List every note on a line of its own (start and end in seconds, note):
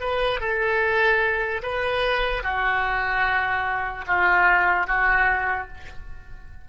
0.00 0.40 B4
0.40 1.62 A4
1.63 2.43 B4
2.43 4.05 F#4
4.07 4.87 F4
4.87 5.68 F#4